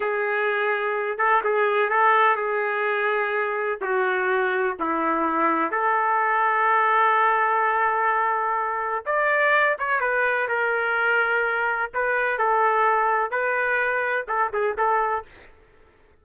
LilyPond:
\new Staff \with { instrumentName = "trumpet" } { \time 4/4 \tempo 4 = 126 gis'2~ gis'8 a'8 gis'4 | a'4 gis'2. | fis'2 e'2 | a'1~ |
a'2. d''4~ | d''8 cis''8 b'4 ais'2~ | ais'4 b'4 a'2 | b'2 a'8 gis'8 a'4 | }